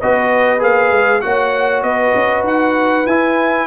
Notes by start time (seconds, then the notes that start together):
0.00 B3 F#4 B4 D#5
0.59 A#3 G#4 F5
0.91 G#3
1.21 A#3 F#4 C#5 F#5
1.83 B3 B4 D#5
2.15 C#4
2.43 D#4 F#5
3.06 E4 G#5